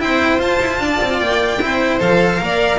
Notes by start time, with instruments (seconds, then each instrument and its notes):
0.00 double bass C4, cello E4, violin C5 G5
0.39 double bass F4, cello F4, violin A5
0.61 double bass E4
0.79 double bass D4, violin D5
1.01 double bass C4
1.19 double bass A#3, violin G5
1.60 double bass C4, cello E4, violin C5
2.00 double bass F3, cello A4, violin F5
2.38 double bass A#3, cello A#4
2.44 violin D5